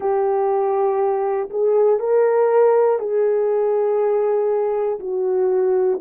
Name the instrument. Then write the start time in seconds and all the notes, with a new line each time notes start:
horn
0.00 G4
1.50 G#4
1.99 A#4
2.99 G#4
4.99 F#4